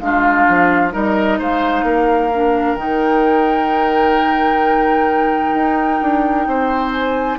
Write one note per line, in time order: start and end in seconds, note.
0.00 0.47 G#3
0.00 0.91 D4
0.00 0.93 F4
0.00 0.92 F5
0.49 0.95 F3
0.91 1.40 G3
0.91 2.30 D#4
0.91 1.39 A#4
0.91 1.40 D#5
1.39 1.83 G#3
1.39 1.85 C5
1.39 2.75 F5
1.83 2.76 A#3
1.83 6.47 A#4
2.34 2.77 D4
2.75 5.52 D#3
2.75 7.39 D#4
2.75 6.91 G5
5.54 6.01 D#4
6.02 6.47 D4
6.47 7.39 C4
6.47 7.39 C5
6.92 7.38 G#5